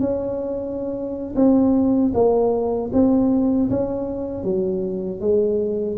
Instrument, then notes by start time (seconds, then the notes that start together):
tuba
0.00 C#4
1.36 C4
2.14 A#3
2.93 C4
3.70 C#4
4.44 F#3
5.21 G#3